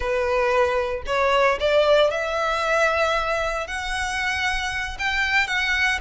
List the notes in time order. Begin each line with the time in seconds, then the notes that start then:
0.00 B4
1.06 C#5
1.59 D5
2.11 E5
3.67 F#5
4.98 G5
5.47 F#5